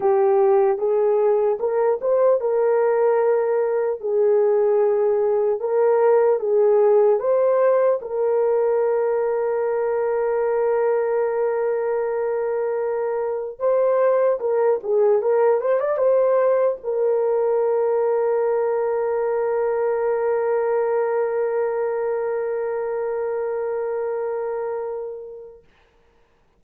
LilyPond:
\new Staff \with { instrumentName = "horn" } { \time 4/4 \tempo 4 = 75 g'4 gis'4 ais'8 c''8 ais'4~ | ais'4 gis'2 ais'4 | gis'4 c''4 ais'2~ | ais'1~ |
ais'4 c''4 ais'8 gis'8 ais'8 c''16 d''16 | c''4 ais'2.~ | ais'1~ | ais'1 | }